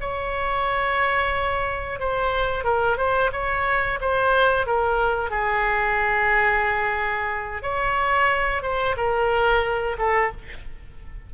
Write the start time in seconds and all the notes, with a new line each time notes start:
0.00 C#5
2.00 C5
2.64 A#4
2.97 C5
3.32 C#5
4.00 C5
4.66 A#4
5.30 G#4
7.62 C#5
8.62 C5
8.97 A#4
9.98 A4